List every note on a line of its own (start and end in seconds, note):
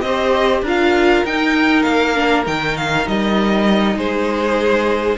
0.00 0.62 C4
0.00 0.63 C5
0.00 0.61 D#5
0.06 0.66 G4
0.62 1.23 D4
0.62 1.26 F4
0.62 3.96 A#4
0.62 1.25 F5
1.24 1.85 D#4
1.24 2.15 D#4
1.24 1.83 G5
1.83 2.46 A#3
1.83 2.43 F5
2.15 2.45 D4
2.45 3.07 D#3
2.45 5.17 D#4
2.45 2.77 G5
2.77 3.07 F5
3.07 3.95 G3
3.07 3.98 D#5
3.95 5.17 G#3
3.95 5.18 G#4
3.95 5.18 C5